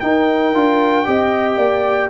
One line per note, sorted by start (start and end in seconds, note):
0.00 0.54 D#4
0.00 1.07 A#4
0.00 2.10 G5
0.54 1.07 D4
0.54 1.05 F4
1.05 1.57 C4
1.05 2.10 G4
1.05 1.57 D#5
1.57 2.10 A#3
1.57 2.10 D5